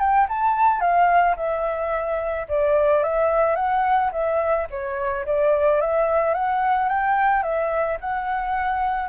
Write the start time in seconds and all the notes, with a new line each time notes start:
0.00 G5
0.29 A5
0.81 F5
1.37 E5
2.49 D5
3.04 E5
3.56 F#5
4.13 E5
4.71 C#5
5.26 D5
5.81 E5
6.35 F#5
6.89 G5
7.43 E5
8.01 F#5